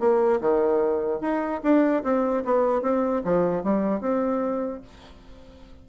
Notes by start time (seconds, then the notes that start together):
0.00 A#3
0.41 D#3
1.21 D#4
1.63 D4
2.04 C4
2.45 B3
2.82 C4
3.25 F3
3.64 G3
4.01 C4